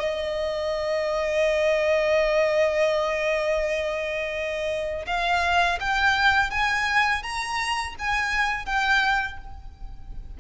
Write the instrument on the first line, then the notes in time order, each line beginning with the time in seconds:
violin
0.00 D#5
5.07 F5
5.81 G5
6.51 G#5
7.23 A#5
7.99 G#5
8.66 G5